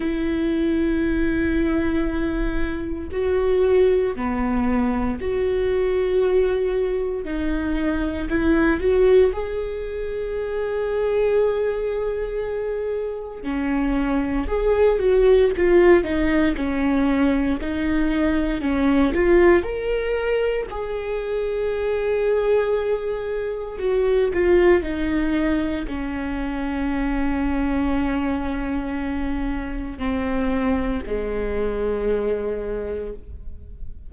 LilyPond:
\new Staff \with { instrumentName = "viola" } { \time 4/4 \tempo 4 = 58 e'2. fis'4 | b4 fis'2 dis'4 | e'8 fis'8 gis'2.~ | gis'4 cis'4 gis'8 fis'8 f'8 dis'8 |
cis'4 dis'4 cis'8 f'8 ais'4 | gis'2. fis'8 f'8 | dis'4 cis'2.~ | cis'4 c'4 gis2 | }